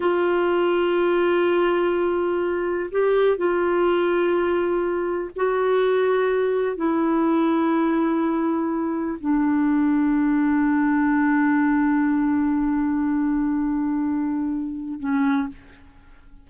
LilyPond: \new Staff \with { instrumentName = "clarinet" } { \time 4/4 \tempo 4 = 124 f'1~ | f'2 g'4 f'4~ | f'2. fis'4~ | fis'2 e'2~ |
e'2. d'4~ | d'1~ | d'1~ | d'2. cis'4 | }